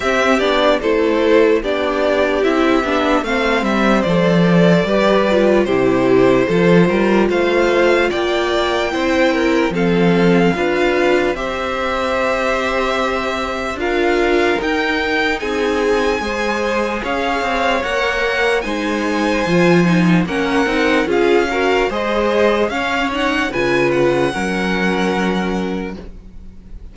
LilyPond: <<
  \new Staff \with { instrumentName = "violin" } { \time 4/4 \tempo 4 = 74 e''8 d''8 c''4 d''4 e''4 | f''8 e''8 d''2 c''4~ | c''4 f''4 g''2 | f''2 e''2~ |
e''4 f''4 g''4 gis''4~ | gis''4 f''4 fis''4 gis''4~ | gis''4 fis''4 f''4 dis''4 | f''8 fis''8 gis''8 fis''2~ fis''8 | }
  \new Staff \with { instrumentName = "violin" } { \time 4/4 g'4 a'4 g'2 | c''2 b'4 g'4 | a'8 ais'8 c''4 d''4 c''8 ais'8 | a'4 b'4 c''2~ |
c''4 ais'2 gis'4 | c''4 cis''2 c''4~ | c''4 ais'4 gis'8 ais'8 c''4 | cis''4 b'4 ais'2 | }
  \new Staff \with { instrumentName = "viola" } { \time 4/4 c'8 d'8 e'4 d'4 e'8 d'8 | c'4 a'4 g'8 f'8 e'4 | f'2. e'4 | c'4 f'4 g'2~ |
g'4 f'4 dis'2 | gis'2 ais'4 dis'4 | f'8 dis'8 cis'8 dis'8 f'8 fis'8 gis'4 | cis'8 dis'8 f'4 cis'2 | }
  \new Staff \with { instrumentName = "cello" } { \time 4/4 c'8 b8 a4 b4 c'8 b8 | a8 g8 f4 g4 c4 | f8 g8 a4 ais4 c'4 | f4 d'4 c'2~ |
c'4 d'4 dis'4 c'4 | gis4 cis'8 c'8 ais4 gis4 | f4 ais8 c'8 cis'4 gis4 | cis'4 cis4 fis2 | }
>>